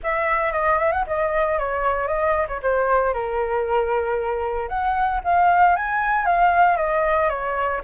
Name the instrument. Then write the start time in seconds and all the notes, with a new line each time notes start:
flute
0.03 E5
0.52 D#5
0.78 E5
0.91 F#5
1.06 D#5
1.58 C#5
2.07 D#5
2.48 C#5
2.62 C5
3.13 A#4
4.68 F#5
5.23 F5
5.76 G#5
6.25 F5
6.77 D#5
7.29 C#5